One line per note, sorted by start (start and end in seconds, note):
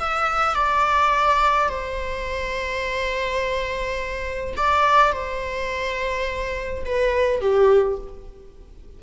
0.00 0.55 E5
0.55 1.69 D5
1.69 4.55 C5
4.57 5.13 D5
5.13 6.84 C5
6.86 7.41 B4
7.41 7.98 G4